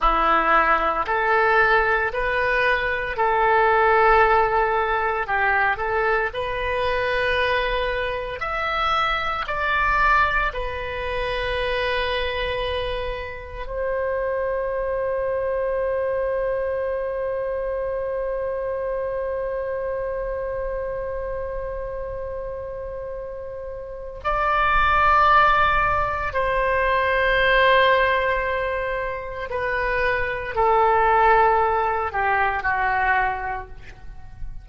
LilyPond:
\new Staff \with { instrumentName = "oboe" } { \time 4/4 \tempo 4 = 57 e'4 a'4 b'4 a'4~ | a'4 g'8 a'8 b'2 | e''4 d''4 b'2~ | b'4 c''2.~ |
c''1~ | c''2. d''4~ | d''4 c''2. | b'4 a'4. g'8 fis'4 | }